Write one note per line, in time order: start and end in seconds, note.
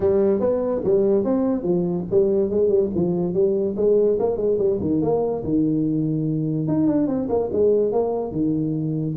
0.00 0.39 G3
0.39 0.81 B3
0.84 1.24 G3
1.24 1.62 C4
1.62 2.04 F3
2.10 2.50 G3
2.50 2.68 G#3
2.68 2.89 G3
2.95 3.33 F3
3.33 3.75 G3
3.76 4.18 G#3
4.19 4.36 A#3
4.36 4.57 G#3
4.58 4.79 G3
4.80 5.01 D#3
5.01 5.43 A#3
5.43 6.67 D#3
6.67 6.87 D#4
6.87 7.07 D4
7.07 7.28 C4
7.29 7.50 A#3
7.52 7.92 G#3
7.92 8.31 A#3
8.31 9.15 D#3